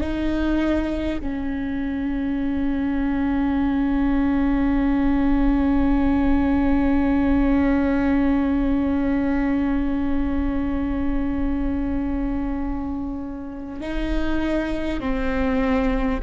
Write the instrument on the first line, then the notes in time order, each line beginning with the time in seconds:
viola
0.00 D#4
1.21 C#4
13.80 D#4
14.99 C4